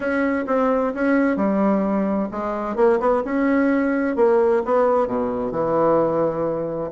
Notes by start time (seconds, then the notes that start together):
0.00 C#4
0.47 C4
0.94 C#4
1.36 G3
2.31 G#3
2.76 A#3
3.00 B3
3.25 C#4
4.16 A#3
4.65 B3
5.07 B2
5.51 E3